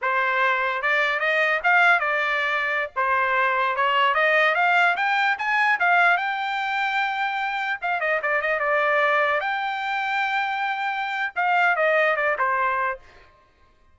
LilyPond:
\new Staff \with { instrumentName = "trumpet" } { \time 4/4 \tempo 4 = 148 c''2 d''4 dis''4 | f''4 d''2~ d''16 c''8.~ | c''4~ c''16 cis''4 dis''4 f''8.~ | f''16 g''4 gis''4 f''4 g''8.~ |
g''2.~ g''16 f''8 dis''16~ | dis''16 d''8 dis''8 d''2 g''8.~ | g''1 | f''4 dis''4 d''8 c''4. | }